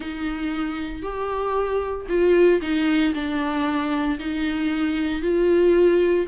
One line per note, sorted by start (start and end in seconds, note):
0.00 1.02 D#4
1.02 2.06 G4
2.08 2.60 F4
2.61 3.13 D#4
3.14 4.18 D4
4.19 5.22 D#4
5.22 6.26 F4